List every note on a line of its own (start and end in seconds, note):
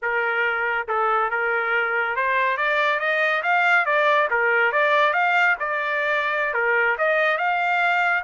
0.02 0.87 A#4
0.87 1.30 A4
1.30 2.16 A#4
2.16 2.57 C5
2.57 2.99 D5
2.99 3.42 D#5
3.42 3.85 F5
3.85 4.28 D5
4.30 4.71 A#4
4.71 5.13 D5
5.13 5.56 F5
5.59 6.53 D5
6.53 6.96 A#4
6.98 7.37 D#5
7.37 8.23 F5